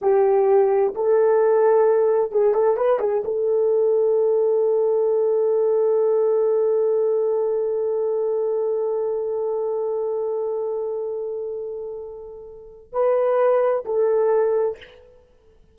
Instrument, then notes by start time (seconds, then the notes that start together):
horn
0.01 G4
0.95 A4
2.31 G#4
2.54 A4
2.77 B4
2.99 G#4
3.24 A4
12.92 B4
13.85 A4